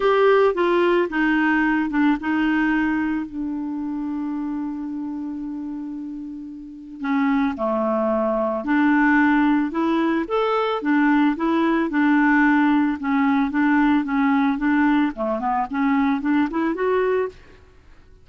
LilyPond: \new Staff \with { instrumentName = "clarinet" } { \time 4/4 \tempo 4 = 111 g'4 f'4 dis'4. d'8 | dis'2 d'2~ | d'1~ | d'4 cis'4 a2 |
d'2 e'4 a'4 | d'4 e'4 d'2 | cis'4 d'4 cis'4 d'4 | a8 b8 cis'4 d'8 e'8 fis'4 | }